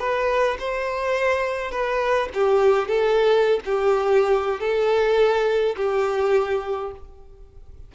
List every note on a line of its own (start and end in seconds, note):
0.00 0.58 B4
0.60 1.72 C5
1.72 2.29 B4
2.34 2.88 G4
2.88 3.61 A4
3.66 4.61 G4
4.61 5.76 A4
5.77 6.92 G4